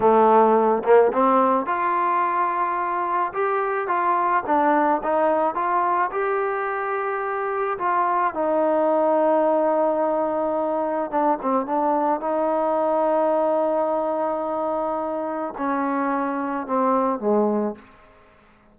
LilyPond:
\new Staff \with { instrumentName = "trombone" } { \time 4/4 \tempo 4 = 108 a4. ais8 c'4 f'4~ | f'2 g'4 f'4 | d'4 dis'4 f'4 g'4~ | g'2 f'4 dis'4~ |
dis'1 | d'8 c'8 d'4 dis'2~ | dis'1 | cis'2 c'4 gis4 | }